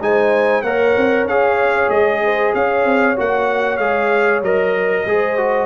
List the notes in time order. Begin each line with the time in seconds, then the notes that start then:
0.00 G#3 D#4 C5 G#5
0.63 A#3 A#4 C#5 F#5
0.97 C4
1.25 C#4 G#4 F5
1.89 G#3 D#5
2.24 C5
2.54 C#4 C#5 F5
2.85 C4
3.17 A#3 F#4 F#5
3.78 G#3 G#4 F5
4.42 F#3 A#4 D#5
5.06 G#3 G#4 C5
5.38 F#4